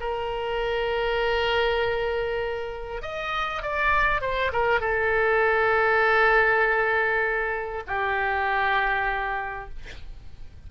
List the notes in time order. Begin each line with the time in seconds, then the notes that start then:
0.00 A#4
3.02 D#5
3.63 D5
4.21 C5
4.53 A#4
4.80 A4
7.88 G4